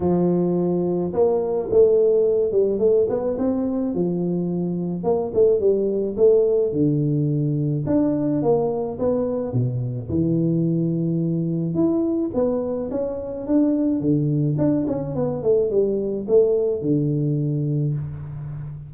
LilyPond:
\new Staff \with { instrumentName = "tuba" } { \time 4/4 \tempo 4 = 107 f2 ais4 a4~ | a8 g8 a8 b8 c'4 f4~ | f4 ais8 a8 g4 a4 | d2 d'4 ais4 |
b4 b,4 e2~ | e4 e'4 b4 cis'4 | d'4 d4 d'8 cis'8 b8 a8 | g4 a4 d2 | }